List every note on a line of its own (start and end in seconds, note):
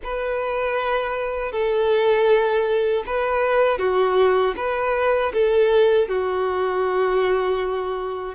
0.03 1.52 B4
1.52 3.03 A4
3.06 3.78 B4
3.78 4.54 F#4
4.56 5.32 B4
5.33 6.08 A4
6.08 8.34 F#4